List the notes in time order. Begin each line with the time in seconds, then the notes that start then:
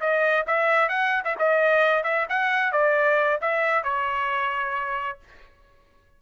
0.00 D#5
0.47 E5
0.89 F#5
1.24 E5
1.38 D#5
2.03 E5
2.29 F#5
2.72 D5
3.41 E5
3.83 C#5